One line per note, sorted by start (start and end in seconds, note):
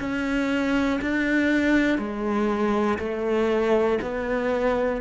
0.00 1.00 C#4
1.01 1.98 D4
1.98 2.98 G#3
2.99 3.99 A3
4.02 5.01 B3